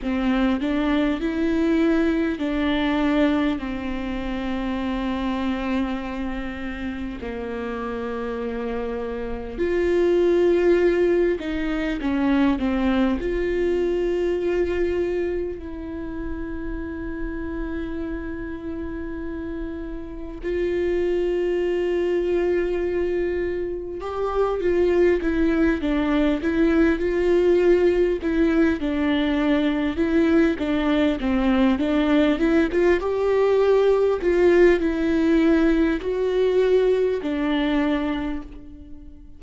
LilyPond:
\new Staff \with { instrumentName = "viola" } { \time 4/4 \tempo 4 = 50 c'8 d'8 e'4 d'4 c'4~ | c'2 ais2 | f'4. dis'8 cis'8 c'8 f'4~ | f'4 e'2.~ |
e'4 f'2. | g'8 f'8 e'8 d'8 e'8 f'4 e'8 | d'4 e'8 d'8 c'8 d'8 e'16 f'16 g'8~ | g'8 f'8 e'4 fis'4 d'4 | }